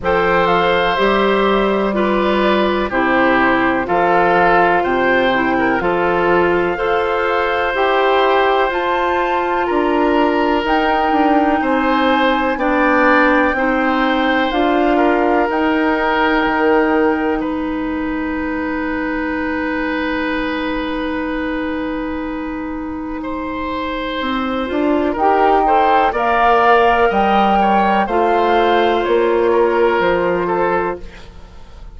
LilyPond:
<<
  \new Staff \with { instrumentName = "flute" } { \time 4/4 \tempo 4 = 62 g''8 f''8 e''4 d''4 c''4 | f''4 g''4 f''2 | g''4 a''4 ais''4 g''4 | gis''4 g''2 f''4 |
g''2 gis''2~ | gis''1~ | gis''2 g''4 f''4 | g''4 f''4 cis''4 c''4 | }
  \new Staff \with { instrumentName = "oboe" } { \time 4/4 c''2 b'4 g'4 | a'4 c''8. ais'16 a'4 c''4~ | c''2 ais'2 | c''4 d''4 c''4. ais'8~ |
ais'2 b'2~ | b'1 | c''2 ais'8 c''8 d''4 | dis''8 cis''8 c''4. ais'4 a'8 | }
  \new Staff \with { instrumentName = "clarinet" } { \time 4/4 a'4 g'4 f'4 e'4 | f'4. e'8 f'4 a'4 | g'4 f'2 dis'4~ | dis'4 d'4 dis'4 f'4 |
dis'1~ | dis'1~ | dis'4. f'8 g'8 a'8 ais'4~ | ais'4 f'2. | }
  \new Staff \with { instrumentName = "bassoon" } { \time 4/4 f4 g2 c4 | f4 c4 f4 f'4 | e'4 f'4 d'4 dis'8 d'8 | c'4 b4 c'4 d'4 |
dis'4 dis4 gis2~ | gis1~ | gis4 c'8 d'8 dis'4 ais4 | g4 a4 ais4 f4 | }
>>